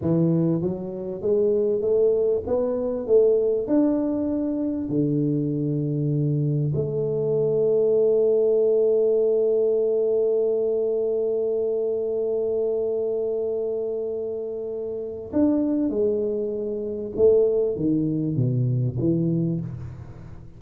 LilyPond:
\new Staff \with { instrumentName = "tuba" } { \time 4/4 \tempo 4 = 98 e4 fis4 gis4 a4 | b4 a4 d'2 | d2. a4~ | a1~ |
a1~ | a1~ | a4 d'4 gis2 | a4 dis4 b,4 e4 | }